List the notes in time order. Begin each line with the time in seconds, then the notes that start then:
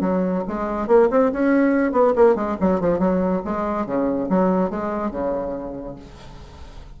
0.00 F#3
0.47 G#3
0.87 A#3
1.10 C4
1.32 C#4
1.91 B3
2.15 A#3
2.35 G#3
2.60 F#3
2.80 F3
2.98 F#3
3.44 G#3
3.85 C#3
4.29 F#3
4.69 G#3
5.10 C#3